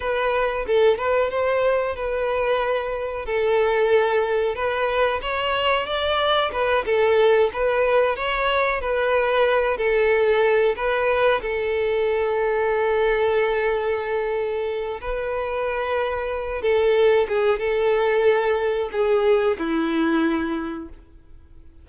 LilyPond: \new Staff \with { instrumentName = "violin" } { \time 4/4 \tempo 4 = 92 b'4 a'8 b'8 c''4 b'4~ | b'4 a'2 b'4 | cis''4 d''4 b'8 a'4 b'8~ | b'8 cis''4 b'4. a'4~ |
a'8 b'4 a'2~ a'8~ | a'2. b'4~ | b'4. a'4 gis'8 a'4~ | a'4 gis'4 e'2 | }